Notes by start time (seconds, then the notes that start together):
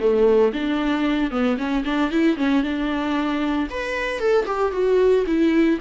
0.00 A3
0.53 D4
1.31 B3
1.58 C#4
1.85 D4
2.11 E4
2.37 C#4
2.63 D4
3.71 B4
4.20 A4
4.46 G4
4.73 F#4
5.27 E4